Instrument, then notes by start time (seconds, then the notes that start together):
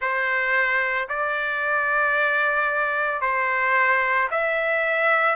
trumpet
0.01 C5
1.08 D5
3.21 C5
4.31 E5